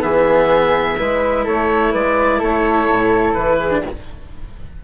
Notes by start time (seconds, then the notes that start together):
0.00 E3 B3 G#4 E5
0.98 G#3 E4 B4
1.45 A3 A4 C#5
1.92 G#3 B4 D5
2.39 A3 A4 C#5
2.91 A2
3.34 E3 B4
3.59 G#4
3.71 D4